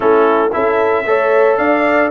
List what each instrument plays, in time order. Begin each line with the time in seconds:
0.00 tuba A3, trombone C#4, horn E4, trumpet A4
0.52 tuba C#4, trombone E4, horn A4, trumpet E5
1.05 tuba A3, trombone A4, horn C#5
1.57 tuba D4, horn D5, trumpet F5